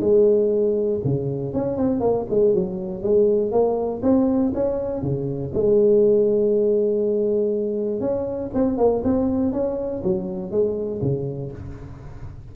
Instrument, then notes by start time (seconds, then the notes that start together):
tuba
0.00 G#3
1.04 C#3
1.53 C#4
1.77 C4
2.00 A#3
2.30 G#3
2.54 F#3
3.03 G#3
3.52 A#3
4.02 C4
4.55 C#4
5.02 C#3
5.54 G#3
8.00 C#4
8.54 C4
8.78 A#3
9.04 C4
9.52 C#4
10.04 F#3
10.51 G#3
11.02 C#3